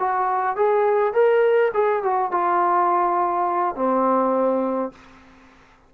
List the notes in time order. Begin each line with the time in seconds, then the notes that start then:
0.00 F#4
0.57 G#4
1.14 A#4
1.74 G#4
2.03 F#4
2.32 F4
3.76 C4